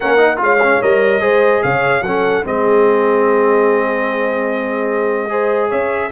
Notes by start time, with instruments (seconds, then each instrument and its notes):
0.00 tuba A#3, trombone C#4, horn A#4, trumpet F#5
0.17 trombone D#4
0.37 tuba G#3, trombone F4, horn C#5, trumpet F5
0.62 trombone C#4
0.82 tuba G3, trombone A#4, trumpet D#5
1.20 tuba G#3, trombone G#4, horn C5
1.62 tuba C#3, horn C#5, trumpet F5
2.01 tuba F#3, trombone C#4, horn A4, trumpet F#5
2.44 tuba G#3, trombone C4, horn G#4, trumpet D#5
5.29 trombone G#4, horn C5
5.69 tuba C#4, horn C#5, trumpet E5